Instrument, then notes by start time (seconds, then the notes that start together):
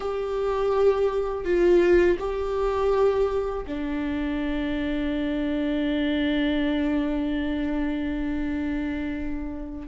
viola
0.00 G4
1.44 F4
2.19 G4
3.67 D4